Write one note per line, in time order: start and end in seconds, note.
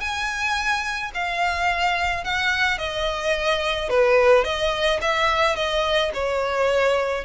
0.00 1.11 G#5
1.14 2.24 F5
2.24 2.78 F#5
2.78 3.89 D#5
3.89 4.44 B4
4.44 5.00 D#5
5.01 5.56 E5
5.56 6.11 D#5
6.14 7.24 C#5